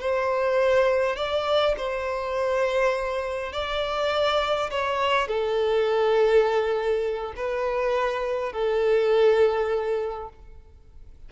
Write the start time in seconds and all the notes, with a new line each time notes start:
0.00 C5
1.16 D5
1.77 C5
3.52 D5
4.70 C#5
5.28 A4
7.36 B4
8.53 A4